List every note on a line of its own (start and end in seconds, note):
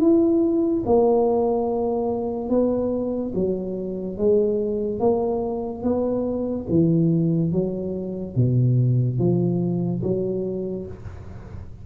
0.00 0.83 E4
0.86 2.49 A#3
2.49 3.33 B3
3.35 4.17 F#3
4.17 4.99 G#3
4.99 5.83 A#3
5.83 6.66 B3
6.69 7.52 E3
7.52 8.35 F#3
8.36 9.19 B2
9.19 10.02 F3
10.02 10.86 F#3